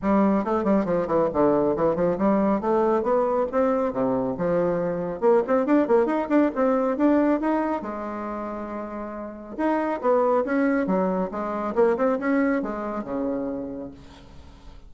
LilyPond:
\new Staff \with { instrumentName = "bassoon" } { \time 4/4 \tempo 4 = 138 g4 a8 g8 f8 e8 d4 | e8 f8 g4 a4 b4 | c'4 c4 f2 | ais8 c'8 d'8 ais8 dis'8 d'8 c'4 |
d'4 dis'4 gis2~ | gis2 dis'4 b4 | cis'4 fis4 gis4 ais8 c'8 | cis'4 gis4 cis2 | }